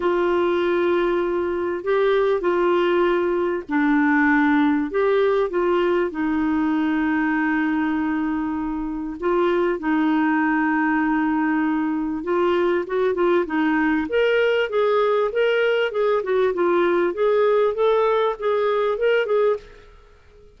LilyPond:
\new Staff \with { instrumentName = "clarinet" } { \time 4/4 \tempo 4 = 98 f'2. g'4 | f'2 d'2 | g'4 f'4 dis'2~ | dis'2. f'4 |
dis'1 | f'4 fis'8 f'8 dis'4 ais'4 | gis'4 ais'4 gis'8 fis'8 f'4 | gis'4 a'4 gis'4 ais'8 gis'8 | }